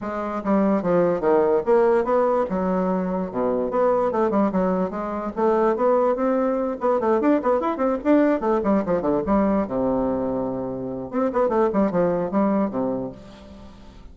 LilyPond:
\new Staff \with { instrumentName = "bassoon" } { \time 4/4 \tempo 4 = 146 gis4 g4 f4 dis4 | ais4 b4 fis2 | b,4 b4 a8 g8 fis4 | gis4 a4 b4 c'4~ |
c'8 b8 a8 d'8 b8 e'8 c'8 d'8~ | d'8 a8 g8 f8 d8 g4 c8~ | c2. c'8 b8 | a8 g8 f4 g4 c4 | }